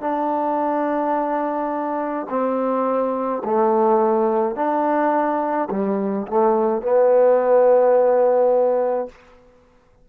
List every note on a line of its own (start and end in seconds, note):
0.00 2.26 D4
2.29 3.42 C4
3.44 4.55 A3
4.55 5.69 D4
5.70 6.27 G3
6.27 6.82 A3
6.82 9.08 B3